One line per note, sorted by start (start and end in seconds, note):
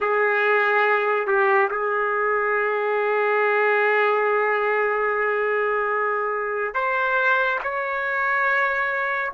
0.00 1.27 G#4
1.27 1.69 G4
1.70 6.74 G#4
6.74 7.59 C5
7.63 9.32 C#5